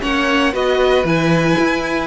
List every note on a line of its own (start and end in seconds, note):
0.00 0.54 A#3
0.00 0.52 C#4
0.00 0.52 C#5
0.00 0.54 F#5
0.52 1.03 B3
0.52 1.04 F#4
0.52 2.07 B4
0.52 1.06 D#5
1.03 1.55 E3
1.03 2.07 E4
1.03 2.07 G#5
1.58 2.07 E4